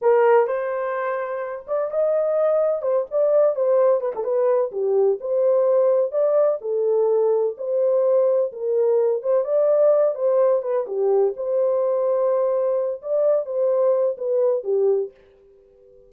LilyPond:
\new Staff \with { instrumentName = "horn" } { \time 4/4 \tempo 4 = 127 ais'4 c''2~ c''8 d''8 | dis''2 c''8 d''4 c''8~ | c''8 b'16 a'16 b'4 g'4 c''4~ | c''4 d''4 a'2 |
c''2 ais'4. c''8 | d''4. c''4 b'8 g'4 | c''2.~ c''8 d''8~ | d''8 c''4. b'4 g'4 | }